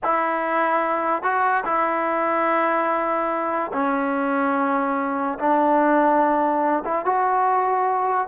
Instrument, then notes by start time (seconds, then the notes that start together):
trombone
0.03 E4
1.22 F#4
1.64 E4
3.73 C#4
5.38 D4
6.84 E4
7.05 F#4